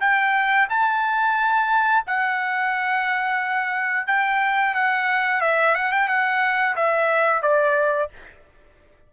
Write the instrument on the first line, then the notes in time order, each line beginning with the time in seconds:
trumpet
0.00 G5
0.69 A5
2.06 F#5
4.07 G5
4.75 F#5
5.41 E5
5.75 F#5
5.92 G5
6.08 F#5
6.76 E5
7.42 D5